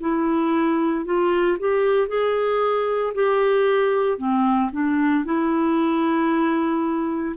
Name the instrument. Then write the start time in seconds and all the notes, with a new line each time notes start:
clarinet
0.00 E4
1.05 F4
1.59 G4
2.08 G#4
3.14 G4
4.18 C4
4.72 D4
5.25 E4